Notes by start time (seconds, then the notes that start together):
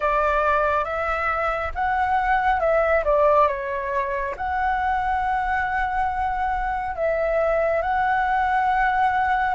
0.00 D5
0.84 E5
1.74 F#5
2.60 E5
3.04 D5
3.47 C#5
4.37 F#5
6.95 E5
7.82 F#5